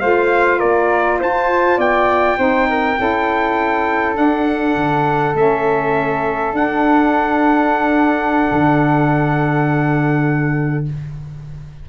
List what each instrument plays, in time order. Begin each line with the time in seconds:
0.00 tuba A3, saxophone F4, flute C5, trumpet F5
0.58 tuba A#3, flute A#4, trumpet D5
1.19 tuba F4, flute C5, trumpet A5
1.77 tuba B3, flute D5, trumpet G5
2.37 tuba C4, saxophone D#4, flute C5
2.70 flute A#4
2.97 tuba C#4, saxophone E4, flute A4
4.14 saxophone D4, tuba D4, trumpet F#5
4.76 tuba D3
5.34 tuba A3, saxophone C#4, trumpet E5
6.53 tuba D4, saxophone D4, trumpet F#5
8.51 tuba D3